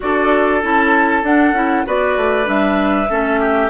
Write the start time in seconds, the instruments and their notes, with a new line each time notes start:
0.00 bassoon D4, clarinet F#4, oboe A4, flute D5
0.61 bassoon C#4, clarinet E4, flute A5
1.23 bassoon D4, clarinet D4, flute F#5
1.52 bassoon C#4, clarinet E4
1.85 bassoon B3, clarinet F#4, oboe B4, flute D5
2.16 bassoon A3
2.44 bassoon G3, clarinet D4, flute E5
3.09 bassoon A3, clarinet C#4, oboe A4
3.40 oboe G4